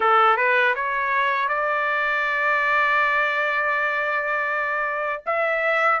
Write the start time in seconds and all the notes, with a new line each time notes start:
0.00 A4
0.36 B4
0.75 C#5
1.48 D5
5.26 E5